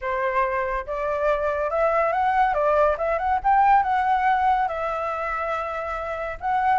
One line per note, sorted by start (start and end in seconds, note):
0.01 0.86 C5
0.86 1.70 D5
1.70 2.12 E5
2.12 2.54 F#5
2.54 2.96 D5
2.97 3.18 E5
3.18 3.39 F#5
3.43 3.82 G5
3.82 4.68 F#5
4.68 6.38 E5
6.40 6.79 F#5